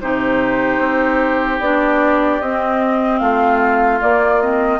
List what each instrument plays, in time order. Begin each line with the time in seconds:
0.00 bassoon C3, clarinet D#4, oboe G4, flute C5
0.78 bassoon C4
1.60 bassoon B3, clarinet D4, flute D5
2.40 bassoon C4, clarinet C4, flute D#5
3.18 bassoon A3, oboe F4, flute F5
4.00 clarinet A#3, bassoon A#3, flute D5
4.41 clarinet C4, flute D#5